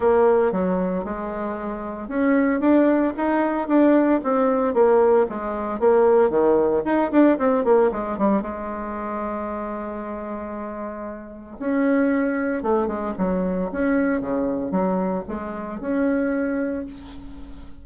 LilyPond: \new Staff \with { instrumentName = "bassoon" } { \time 4/4 \tempo 4 = 114 ais4 fis4 gis2 | cis'4 d'4 dis'4 d'4 | c'4 ais4 gis4 ais4 | dis4 dis'8 d'8 c'8 ais8 gis8 g8 |
gis1~ | gis2 cis'2 | a8 gis8 fis4 cis'4 cis4 | fis4 gis4 cis'2 | }